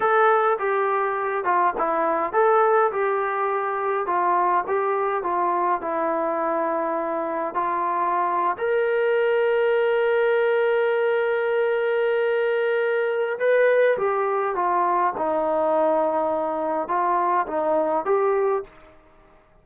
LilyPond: \new Staff \with { instrumentName = "trombone" } { \time 4/4 \tempo 4 = 103 a'4 g'4. f'8 e'4 | a'4 g'2 f'4 | g'4 f'4 e'2~ | e'4 f'4.~ f'16 ais'4~ ais'16~ |
ais'1~ | ais'2. b'4 | g'4 f'4 dis'2~ | dis'4 f'4 dis'4 g'4 | }